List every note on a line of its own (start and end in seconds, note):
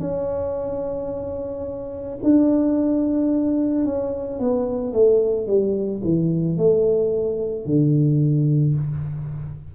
0.00 2.18 C#4
2.23 3.85 D4
3.85 4.39 C#4
4.39 4.93 B3
4.93 5.47 A3
5.47 6.01 G3
6.03 6.57 E3
6.57 7.66 A3
7.66 8.75 D3